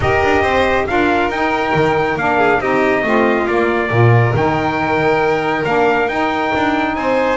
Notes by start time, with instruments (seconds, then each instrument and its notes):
0.00 double bass D#4, saxophone G4, violin A#4, trumpet D#5
0.24 double bass D4
0.42 double bass C4, violin C5
0.86 double bass D4, saxophone F4, violin A#4, trumpet F5
1.29 double bass D#4, saxophone D#4, trumpet G5
1.74 double bass D#3
2.16 double bass A#3, saxophone D4, trumpet F5
2.37 violin G#4
2.60 double bass C4, saxophone D#4, violin G4, trumpet D#5
3.03 double bass A3, saxophone C4, violin F4
3.47 double bass A#3, saxophone A#3, trumpet D5
3.89 double bass A#2, saxophone F4, violin A#4
4.34 double bass D#3, saxophone D#4, trumpet G5
5.64 double bass A#3, saxophone D4, trumpet F5
6.08 double bass D#4, saxophone D#4, trumpet G5
6.55 double bass D4
6.95 double bass C4, violin C5, trumpet G#5